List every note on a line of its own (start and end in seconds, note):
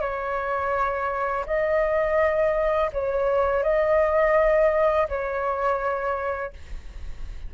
0.00 1.45 C#5
1.46 2.90 D#5
2.92 3.63 C#5
3.63 5.07 D#5
5.08 6.53 C#5